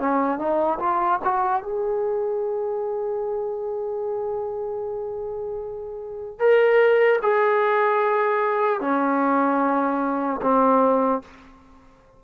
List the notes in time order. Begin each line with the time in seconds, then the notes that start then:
0.00 C#4
0.39 D#4
0.80 F4
1.24 F#4
1.63 G#4
6.40 A#4
7.23 G#4
8.81 C#4
10.42 C4